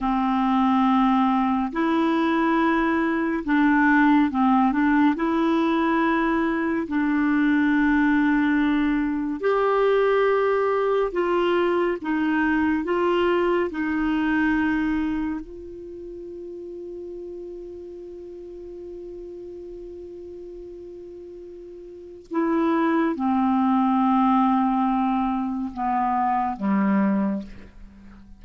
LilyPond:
\new Staff \with { instrumentName = "clarinet" } { \time 4/4 \tempo 4 = 70 c'2 e'2 | d'4 c'8 d'8 e'2 | d'2. g'4~ | g'4 f'4 dis'4 f'4 |
dis'2 f'2~ | f'1~ | f'2 e'4 c'4~ | c'2 b4 g4 | }